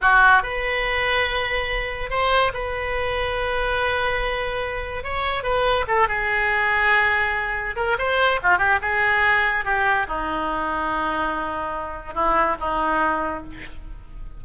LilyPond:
\new Staff \with { instrumentName = "oboe" } { \time 4/4 \tempo 4 = 143 fis'4 b'2.~ | b'4 c''4 b'2~ | b'1 | cis''4 b'4 a'8 gis'4.~ |
gis'2~ gis'8 ais'8 c''4 | f'8 g'8 gis'2 g'4 | dis'1~ | dis'4 e'4 dis'2 | }